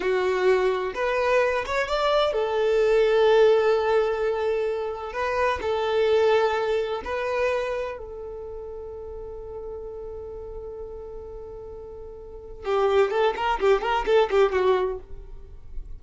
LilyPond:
\new Staff \with { instrumentName = "violin" } { \time 4/4 \tempo 4 = 128 fis'2 b'4. cis''8 | d''4 a'2.~ | a'2. b'4 | a'2. b'4~ |
b'4 a'2.~ | a'1~ | a'2. g'4 | a'8 ais'8 g'8 ais'8 a'8 g'8 fis'4 | }